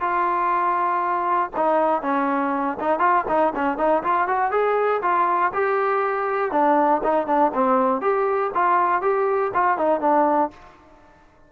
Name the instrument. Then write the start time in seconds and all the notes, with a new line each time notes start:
trombone
0.00 F4
1.56 D#4
2.02 C#4
2.80 D#4
2.99 F4
3.28 D#4
3.55 C#4
3.77 D#4
4.03 F4
4.27 F#4
4.51 G#4
5.02 F4
5.53 G4
6.52 D4
7.04 D#4
7.27 D4
7.54 C4
8.01 G4
8.54 F4
9.01 G4
9.54 F4
9.78 D#4
10.00 D4